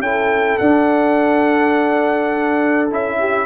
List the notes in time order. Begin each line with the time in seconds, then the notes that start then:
0.00 C#4 E4 A4 G5
0.58 D4 F#5
2.90 C#4 E4 E5
3.19 G4